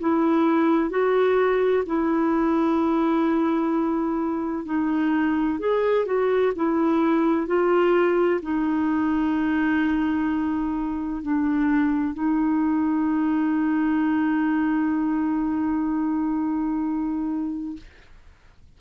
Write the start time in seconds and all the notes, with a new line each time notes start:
0.00 E4
0.90 F#4
1.86 E4
4.66 D#4
5.60 G#4
6.06 F#4
6.56 E4
7.47 F4
8.42 D#4
11.22 D4
12.14 D#4